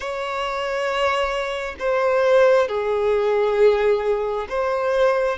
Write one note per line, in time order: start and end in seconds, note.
0.00 1.75 C#5
1.79 2.67 C5
2.67 4.47 G#4
4.49 5.38 C5